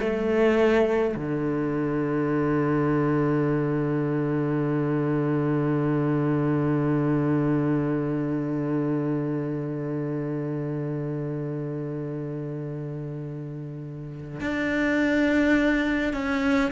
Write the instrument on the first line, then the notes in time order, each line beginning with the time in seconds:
cello
0.00 A3
1.16 D3
14.41 D4
16.14 C#4